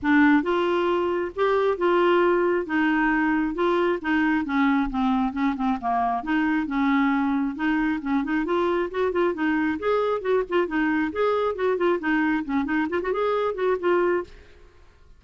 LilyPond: \new Staff \with { instrumentName = "clarinet" } { \time 4/4 \tempo 4 = 135 d'4 f'2 g'4 | f'2 dis'2 | f'4 dis'4 cis'4 c'4 | cis'8 c'8 ais4 dis'4 cis'4~ |
cis'4 dis'4 cis'8 dis'8 f'4 | fis'8 f'8 dis'4 gis'4 fis'8 f'8 | dis'4 gis'4 fis'8 f'8 dis'4 | cis'8 dis'8 f'16 fis'16 gis'4 fis'8 f'4 | }